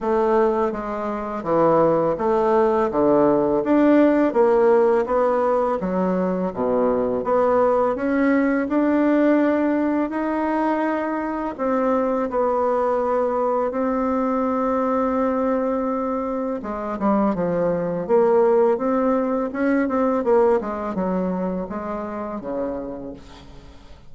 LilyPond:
\new Staff \with { instrumentName = "bassoon" } { \time 4/4 \tempo 4 = 83 a4 gis4 e4 a4 | d4 d'4 ais4 b4 | fis4 b,4 b4 cis'4 | d'2 dis'2 |
c'4 b2 c'4~ | c'2. gis8 g8 | f4 ais4 c'4 cis'8 c'8 | ais8 gis8 fis4 gis4 cis4 | }